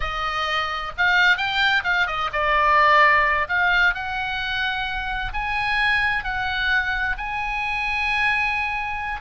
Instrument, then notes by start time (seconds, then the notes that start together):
oboe
0.00 D#5
0.97 F5
1.37 G5
1.83 F5
2.06 D#5
2.32 D5
3.48 F5
3.94 F#5
5.33 G#5
6.24 F#5
7.17 G#5